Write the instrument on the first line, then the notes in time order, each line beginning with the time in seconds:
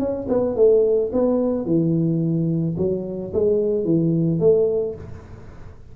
tuba
0.00 C#4
0.29 B3
0.57 A3
1.13 B3
1.66 E3
2.78 F#3
3.34 G#3
3.85 E3
4.40 A3